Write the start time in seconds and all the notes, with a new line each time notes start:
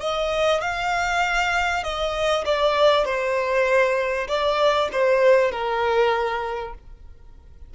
0.00 D#5
0.61 F5
1.83 D#5
2.45 D5
3.05 C5
4.27 D5
4.92 C5
5.51 A#4